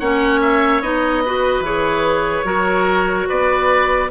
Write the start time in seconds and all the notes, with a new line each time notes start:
0.00 A#3 C#4 C#5 F#5
0.42 E5
0.82 B3 D#4 D#5
1.25 F#4 B4
1.60 E3 G#4 C#5
2.45 F#3 F#4 A#4
3.29 B3 B4 D5